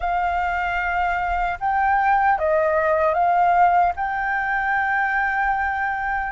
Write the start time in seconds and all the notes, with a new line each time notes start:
0.00 F5
1.60 G5
2.38 D#5
3.14 F5
3.95 G5